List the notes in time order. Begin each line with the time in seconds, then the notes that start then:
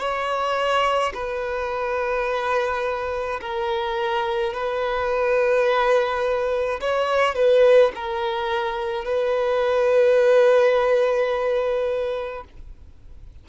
0.00 C#5
1.14 B4
3.41 A#4
4.54 B4
6.81 C#5
7.35 B4
7.95 A#4
9.05 B4